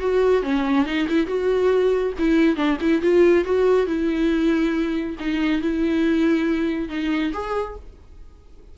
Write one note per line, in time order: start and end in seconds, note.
0.00 0.43 F#4
0.43 0.86 C#4
0.86 1.08 D#4
1.09 1.27 E4
1.27 2.13 F#4
2.19 2.56 E4
2.56 2.78 D4
2.81 3.02 E4
3.02 3.45 F4
3.45 3.87 F#4
3.87 5.16 E4
5.20 5.62 D#4
5.62 6.89 E4
6.89 7.33 D#4
7.33 7.77 G#4